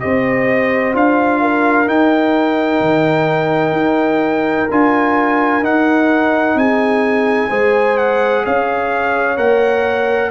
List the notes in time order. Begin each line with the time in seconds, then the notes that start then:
0.00 C4 G4 C5 D#5
0.94 D4 F4 F5
1.41 A#4
1.87 D#4 G5
2.81 D#3
3.72 D#4
4.71 D4 F4 G#5
5.62 D#4 F#5
6.55 C4 G#4 G#5
7.50 G#3 G#4 C5
7.98 F#5
8.45 C#4 C#5 F5
9.37 A#3 A#4 F#5